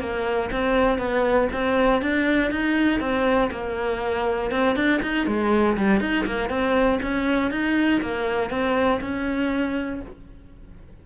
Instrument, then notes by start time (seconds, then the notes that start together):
cello
0.00 A#3
0.52 C4
0.98 B3
1.52 C4
2.02 D4
2.51 D#4
3.00 C4
3.51 A#3
4.51 C4
4.75 D4
5.02 D#4
5.26 G#3
5.77 G3
6.00 D#4
6.26 A#3
6.49 C4
7.02 C#4
7.51 D#4
8.01 A#3
8.50 C4
9.01 C#4